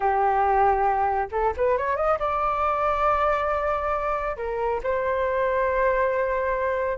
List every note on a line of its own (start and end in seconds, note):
0.00 1.28 G4
1.31 1.53 A4
1.56 1.77 B4
1.77 1.96 C#5
1.96 2.18 D#5
2.19 4.37 D5
4.37 4.80 A#4
4.83 6.98 C5